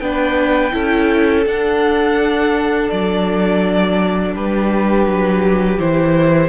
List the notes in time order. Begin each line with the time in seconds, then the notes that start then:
0.00 B3 D4 B4 G5
0.72 C#4 E4 A4
1.46 D4 F#5
2.90 F#3 D5
4.34 G3 G4 B4
5.07 F#3
5.79 E3 E4 C5